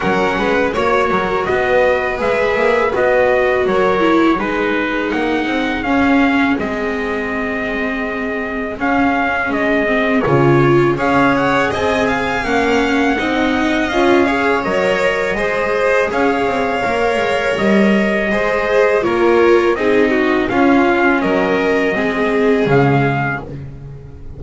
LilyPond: <<
  \new Staff \with { instrumentName = "trumpet" } { \time 4/4 \tempo 4 = 82 fis''4 cis''4 dis''4 e''4 | dis''4 cis''4 b'4 fis''4 | f''4 dis''2. | f''4 dis''4 cis''4 f''8 fis''8 |
gis''4 fis''2 f''4 | dis''2 f''2 | dis''2 cis''4 dis''4 | f''4 dis''2 f''4 | }
  \new Staff \with { instrumentName = "violin" } { \time 4/4 ais'8 b'8 cis''8 ais'8 b'2~ | b'4 ais'4 gis'2~ | gis'1~ | gis'2. cis''4 |
dis''8 f''4. dis''4. cis''8~ | cis''4 c''4 cis''2~ | cis''4 c''4 ais'4 gis'8 fis'8 | f'4 ais'4 gis'2 | }
  \new Staff \with { instrumentName = "viola" } { \time 4/4 cis'4 fis'2 gis'4 | fis'4. e'8 dis'2 | cis'4 c'2. | cis'4. c'8 f'4 gis'4~ |
gis'4 cis'4 dis'4 f'8 gis'8 | ais'4 gis'2 ais'4~ | ais'4 gis'4 f'4 dis'4 | cis'2 c'4 gis4 | }
  \new Staff \with { instrumentName = "double bass" } { \time 4/4 fis8 gis8 ais8 fis8 b4 gis8 ais8 | b4 fis4 gis4 ais8 c'8 | cis'4 gis2. | cis'4 gis4 cis4 cis'4 |
c'4 ais4 c'4 cis'4 | fis4 gis4 cis'8 c'8 ais8 gis8 | g4 gis4 ais4 c'4 | cis'4 fis4 gis4 cis4 | }
>>